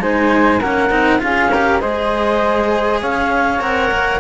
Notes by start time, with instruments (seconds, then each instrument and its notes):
0.00 cello G#3 D#4, flute C5, clarinet G#5
0.60 cello A#3 C#4, flute A#4, clarinet F#5
0.90 cello C4 D#4
1.19 cello C#4 F4, flute G#4, clarinet F5
1.51 cello G4, flute A#4
1.80 cello G#3 G#4, flute C5, clarinet D#5
3.02 cello C#4, flute C#5, clarinet F5
3.59 cello C4 A#4, clarinet F#5
3.92 cello A#3